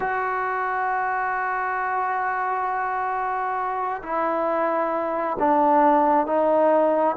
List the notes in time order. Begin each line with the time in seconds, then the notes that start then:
0.00 F#4
4.03 E4
5.39 D4
6.26 D#4